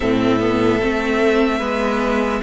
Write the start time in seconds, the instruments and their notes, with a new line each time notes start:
0.00 cello A2, viola C4, violin A4 E5
0.39 viola B3
0.81 cello A3, viola C4
1.58 cello G#3, viola B3, violin B4